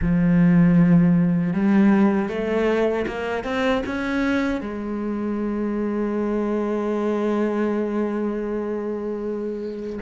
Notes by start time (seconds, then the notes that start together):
0.01 F3
1.53 G3
2.28 A3
3.07 A#3
3.44 C4
3.86 C#4
4.60 G#3